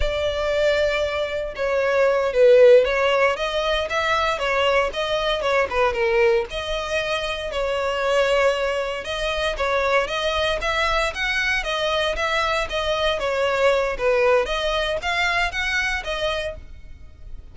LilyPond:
\new Staff \with { instrumentName = "violin" } { \time 4/4 \tempo 4 = 116 d''2. cis''4~ | cis''8 b'4 cis''4 dis''4 e''8~ | e''8 cis''4 dis''4 cis''8 b'8 ais'8~ | ais'8 dis''2 cis''4.~ |
cis''4. dis''4 cis''4 dis''8~ | dis''8 e''4 fis''4 dis''4 e''8~ | e''8 dis''4 cis''4. b'4 | dis''4 f''4 fis''4 dis''4 | }